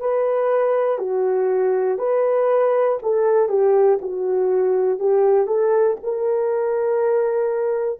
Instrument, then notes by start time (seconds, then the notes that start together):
horn
0.00 B4
0.99 F#4
1.99 B4
3.02 A4
3.49 G4
4.01 F#4
4.99 G4
5.47 A4
6.03 A#4